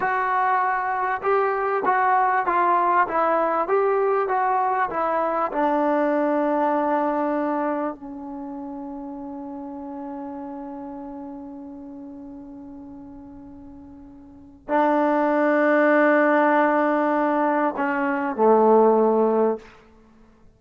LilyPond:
\new Staff \with { instrumentName = "trombone" } { \time 4/4 \tempo 4 = 98 fis'2 g'4 fis'4 | f'4 e'4 g'4 fis'4 | e'4 d'2.~ | d'4 cis'2.~ |
cis'1~ | cis'1 | d'1~ | d'4 cis'4 a2 | }